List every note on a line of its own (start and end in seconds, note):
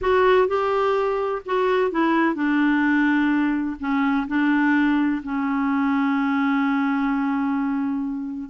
0.01 0.47 F#4
0.47 1.42 G4
1.45 1.91 F#4
1.91 2.35 E4
2.35 3.76 D4
3.79 4.26 C#4
4.27 5.22 D4
5.23 8.49 C#4